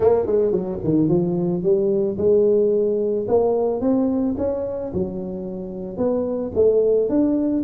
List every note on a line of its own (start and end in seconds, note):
0.00 0.26 A#3
0.26 0.51 G#3
0.51 0.79 F#3
0.83 1.08 D#3
1.08 1.62 F3
1.62 2.17 G3
2.17 3.26 G#3
3.28 3.81 A#3
3.81 4.35 C4
4.37 4.92 C#4
4.93 5.97 F#3
5.97 6.51 B3
6.55 7.09 A3
7.09 7.63 D4